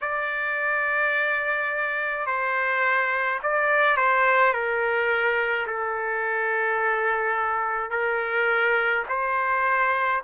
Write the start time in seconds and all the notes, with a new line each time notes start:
0.01 D5
2.26 C5
3.43 D5
3.96 C5
4.53 A#4
5.67 A4
7.90 A#4
9.09 C5